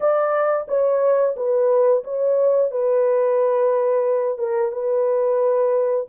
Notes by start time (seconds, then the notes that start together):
0.00 D5
0.67 C#5
1.36 B4
2.04 C#5
2.71 B4
4.38 A#4
4.72 B4